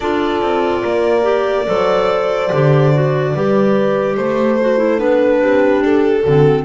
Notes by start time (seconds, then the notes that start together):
0.00 D4 F4 A4 D5
0.41 C4
0.82 A#3 A#4
1.22 G4
1.66 F#3 A4 C5
2.52 D3 G4
2.94 F#4
3.34 G3 G4 B4
4.16 A3 A4 C5
4.61 F#4
4.77 E4
4.98 B3 D4 B4
5.40 C4 G4
5.81 D4 A4
6.22 D3 C4 F#4